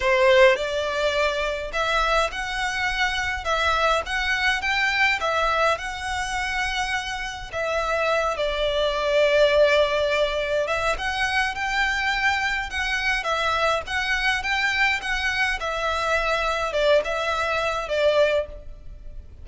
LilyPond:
\new Staff \with { instrumentName = "violin" } { \time 4/4 \tempo 4 = 104 c''4 d''2 e''4 | fis''2 e''4 fis''4 | g''4 e''4 fis''2~ | fis''4 e''4. d''4.~ |
d''2~ d''8 e''8 fis''4 | g''2 fis''4 e''4 | fis''4 g''4 fis''4 e''4~ | e''4 d''8 e''4. d''4 | }